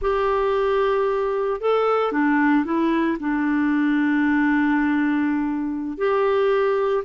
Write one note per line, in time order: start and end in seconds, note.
0.01 1.60 G4
1.60 2.12 A4
2.12 2.64 D4
2.64 3.17 E4
3.19 5.97 D4
5.97 7.03 G4